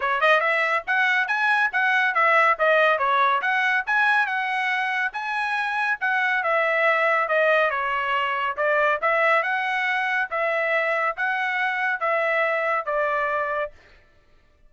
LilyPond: \new Staff \with { instrumentName = "trumpet" } { \time 4/4 \tempo 4 = 140 cis''8 dis''8 e''4 fis''4 gis''4 | fis''4 e''4 dis''4 cis''4 | fis''4 gis''4 fis''2 | gis''2 fis''4 e''4~ |
e''4 dis''4 cis''2 | d''4 e''4 fis''2 | e''2 fis''2 | e''2 d''2 | }